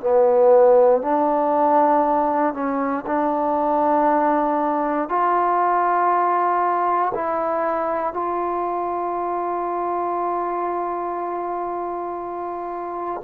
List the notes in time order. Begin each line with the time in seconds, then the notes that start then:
0.00 B3
1.01 D4
2.53 C#4
3.06 D4
5.08 F4
7.14 E4
8.13 F4